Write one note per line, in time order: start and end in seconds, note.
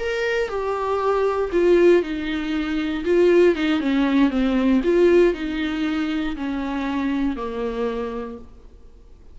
0.00 0.49 A#4
0.49 1.51 G4
1.53 2.03 F4
2.03 3.05 D#4
3.05 3.56 F4
3.56 3.81 D#4
3.81 4.31 C#4
4.31 4.82 C4
4.84 5.34 F4
5.34 6.36 D#4
6.37 7.37 C#4
7.37 8.39 A#3